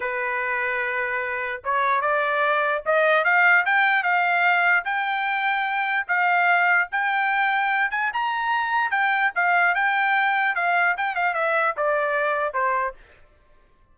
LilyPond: \new Staff \with { instrumentName = "trumpet" } { \time 4/4 \tempo 4 = 148 b'1 | cis''4 d''2 dis''4 | f''4 g''4 f''2 | g''2. f''4~ |
f''4 g''2~ g''8 gis''8 | ais''2 g''4 f''4 | g''2 f''4 g''8 f''8 | e''4 d''2 c''4 | }